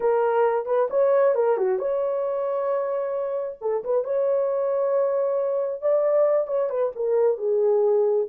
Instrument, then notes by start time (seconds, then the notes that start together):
horn
0.00 A#4
0.65 B4
0.90 C#5
1.35 A#4
1.57 F#4
1.78 C#5
3.61 A4
3.84 B4
4.04 C#5
5.81 D5
6.47 C#5
6.69 B4
6.95 A#4
7.37 G#4